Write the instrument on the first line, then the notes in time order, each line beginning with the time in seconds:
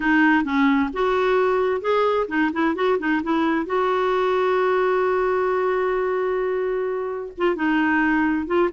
clarinet
0.00 D#4
0.44 C#4
0.93 F#4
1.81 G#4
2.28 D#4
2.53 E4
2.75 F#4
2.98 D#4
3.23 E4
3.66 F#4
7.37 F4
7.55 D#4
8.46 F4